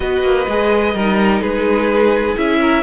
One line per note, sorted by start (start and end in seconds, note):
0.00 0.23 B3
0.00 0.47 F#4
0.00 0.94 B4
0.00 1.41 D#5
0.23 0.46 A#3
0.48 0.94 G#3
0.48 0.96 G#4
0.94 1.41 G3
0.94 2.36 D#4
0.94 1.41 A#4
1.41 2.36 G#3
1.41 2.59 G#4
1.41 2.36 B4
2.36 2.82 C#4
2.36 2.82 E4
2.36 2.82 E5
2.60 2.82 A#4